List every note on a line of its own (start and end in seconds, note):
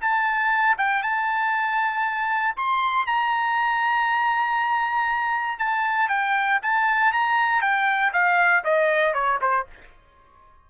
0.00 0.76 A5
0.77 1.02 G5
1.02 2.55 A5
2.56 3.06 C6
3.06 5.58 A#5
5.58 6.08 A5
6.08 6.59 G5
6.62 7.12 A5
7.12 7.61 A#5
7.61 8.12 G5
8.13 8.63 F5
8.64 9.13 D#5
9.13 9.39 C#5
9.41 9.66 C5